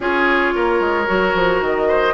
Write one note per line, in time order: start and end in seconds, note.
0.00 0.53 C#4
0.00 1.05 F4
0.00 0.54 G#4
0.00 1.64 C#5
0.55 0.80 A#3
0.55 1.88 A#4
0.80 1.06 G#3
1.05 1.34 F#3
1.05 2.13 F#4
1.34 1.60 F3
1.60 2.14 D#3
1.60 2.14 D#5
1.88 2.14 C5